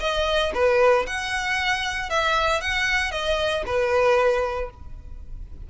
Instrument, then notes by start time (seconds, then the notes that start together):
violin
0.00 D#5
0.54 B4
1.07 F#5
2.10 E5
2.61 F#5
3.11 D#5
3.66 B4